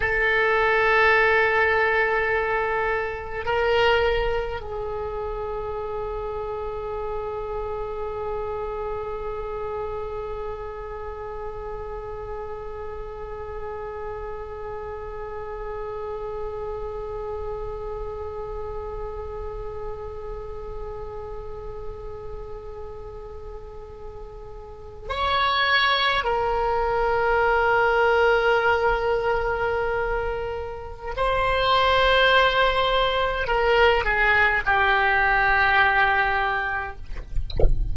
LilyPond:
\new Staff \with { instrumentName = "oboe" } { \time 4/4 \tempo 4 = 52 a'2. ais'4 | gis'1~ | gis'1~ | gis'1~ |
gis'1~ | gis'4.~ gis'16 cis''4 ais'4~ ais'16~ | ais'2. c''4~ | c''4 ais'8 gis'8 g'2 | }